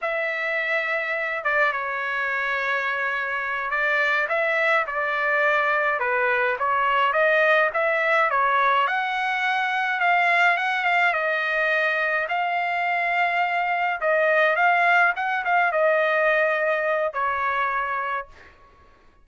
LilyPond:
\new Staff \with { instrumentName = "trumpet" } { \time 4/4 \tempo 4 = 105 e''2~ e''8 d''8 cis''4~ | cis''2~ cis''8 d''4 e''8~ | e''8 d''2 b'4 cis''8~ | cis''8 dis''4 e''4 cis''4 fis''8~ |
fis''4. f''4 fis''8 f''8 dis''8~ | dis''4. f''2~ f''8~ | f''8 dis''4 f''4 fis''8 f''8 dis''8~ | dis''2 cis''2 | }